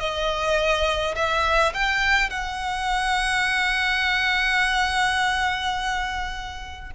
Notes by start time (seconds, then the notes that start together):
0.00 D#5
1.15 E5
1.74 G5
2.30 F#5